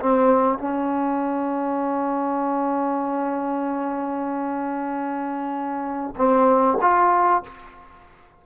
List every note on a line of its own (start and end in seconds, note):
0.00 0.58 C4
0.58 6.15 C#4
6.16 6.78 C4
6.81 7.43 F4